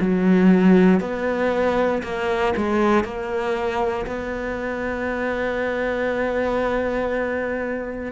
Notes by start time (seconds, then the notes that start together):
0.00 F#3
1.00 B3
2.03 A#3
2.56 G#3
3.04 A#3
4.06 B3